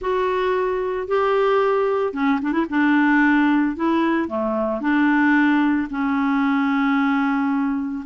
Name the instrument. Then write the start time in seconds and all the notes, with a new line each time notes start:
clarinet
0.01 F#4
1.07 G4
2.13 C#4
2.41 D4
2.52 E4
2.69 D4
3.76 E4
4.28 A3
4.80 D4
5.90 C#4